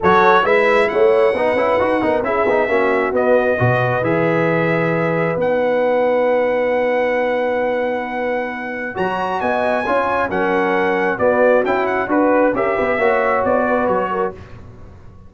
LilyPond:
<<
  \new Staff \with { instrumentName = "trumpet" } { \time 4/4 \tempo 4 = 134 cis''4 e''4 fis''2~ | fis''4 e''2 dis''4~ | dis''4 e''2. | fis''1~ |
fis''1 | ais''4 gis''2 fis''4~ | fis''4 d''4 g''8 fis''8 b'4 | e''2 d''4 cis''4 | }
  \new Staff \with { instrumentName = "horn" } { \time 4/4 a'4 b'4 cis''4 b'4~ | b'8 ais'8 gis'4 fis'2 | b'1~ | b'1~ |
b'1 | cis''4 dis''4 cis''4 ais'4~ | ais'4 fis'2 b'4 | ais'8 b'8 cis''4. b'4 ais'8 | }
  \new Staff \with { instrumentName = "trombone" } { \time 4/4 fis'4 e'2 dis'8 e'8 | fis'8 dis'8 e'8 dis'8 cis'4 b4 | fis'4 gis'2. | dis'1~ |
dis'1 | fis'2 f'4 cis'4~ | cis'4 b4 e'4 fis'4 | g'4 fis'2. | }
  \new Staff \with { instrumentName = "tuba" } { \time 4/4 fis4 gis4 a4 b8 cis'8 | dis'8 b8 cis'8 b8 ais4 b4 | b,4 e2. | b1~ |
b1 | fis4 b4 cis'4 fis4~ | fis4 b4 cis'4 d'4 | cis'8 b8 ais4 b4 fis4 | }
>>